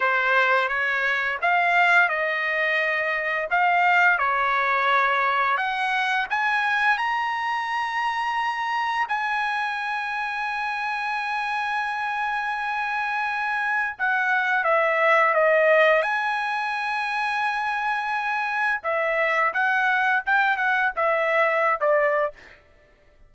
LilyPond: \new Staff \with { instrumentName = "trumpet" } { \time 4/4 \tempo 4 = 86 c''4 cis''4 f''4 dis''4~ | dis''4 f''4 cis''2 | fis''4 gis''4 ais''2~ | ais''4 gis''2.~ |
gis''1 | fis''4 e''4 dis''4 gis''4~ | gis''2. e''4 | fis''4 g''8 fis''8 e''4~ e''16 d''8. | }